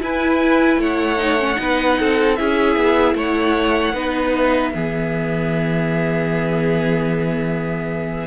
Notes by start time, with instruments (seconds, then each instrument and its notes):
0.00 viola E4, cello E4, violin B4 G#5
0.77 cello A3, violin C#5 F#5
1.18 viola D#4
1.38 viola C#4
1.55 cello B3, viola D#4, violin B4
1.99 cello C4, violin A4
2.36 cello C#4, viola E4, violin G#4 E5
2.76 cello B3
3.14 cello A3, violin C#5 F#5
3.93 cello B3, viola D#4, violin B4
4.36 violin E5
4.73 cello E3, viola B3, violin G#4